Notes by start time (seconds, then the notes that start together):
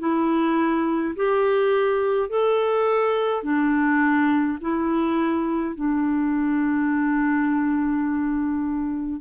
0.00 E4
1.16 G4
2.30 A4
3.44 D4
4.62 E4
5.76 D4